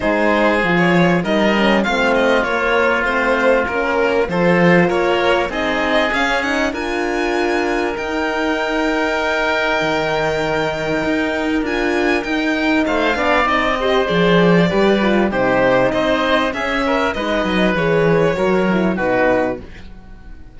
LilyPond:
<<
  \new Staff \with { instrumentName = "violin" } { \time 4/4 \tempo 4 = 98 c''4~ c''16 cis''8. dis''4 f''8 dis''8 | cis''4 c''4 ais'4 c''4 | cis''4 dis''4 f''8 fis''8 gis''4~ | gis''4 g''2.~ |
g''2. gis''4 | g''4 f''4 dis''4 d''4~ | d''4 c''4 dis''4 e''4 | dis''4 cis''2 b'4 | }
  \new Staff \with { instrumentName = "oboe" } { \time 4/4 gis'2 ais'4 f'4~ | f'2. a'4 | ais'4 gis'2 ais'4~ | ais'1~ |
ais'1~ | ais'4 c''8 d''4 c''4. | b'4 g'4 c''4 gis'8 ais'8 | b'2 ais'4 fis'4 | }
  \new Staff \with { instrumentName = "horn" } { \time 4/4 dis'4 f'4 dis'8 cis'8 c'4 | ais4 c'4 cis'4 f'4~ | f'4 dis'4 cis'8 dis'8 f'4~ | f'4 dis'2.~ |
dis'2. f'4 | dis'4. d'8 dis'8 g'8 gis'4 | g'8 f'8 dis'2 cis'4 | dis'4 gis'4 fis'8 e'8 dis'4 | }
  \new Staff \with { instrumentName = "cello" } { \time 4/4 gis4 f4 g4 a4 | ais4 a4 ais4 f4 | ais4 c'4 cis'4 d'4~ | d'4 dis'2. |
dis2 dis'4 d'4 | dis'4 a8 b8 c'4 f4 | g4 c4 c'4 cis'4 | gis8 fis8 e4 fis4 b,4 | }
>>